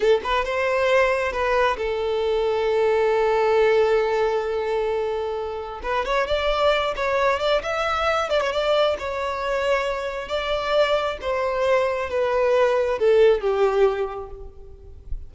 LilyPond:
\new Staff \with { instrumentName = "violin" } { \time 4/4 \tempo 4 = 134 a'8 b'8 c''2 b'4 | a'1~ | a'1~ | a'4 b'8 cis''8 d''4. cis''8~ |
cis''8 d''8 e''4. d''16 cis''16 d''4 | cis''2. d''4~ | d''4 c''2 b'4~ | b'4 a'4 g'2 | }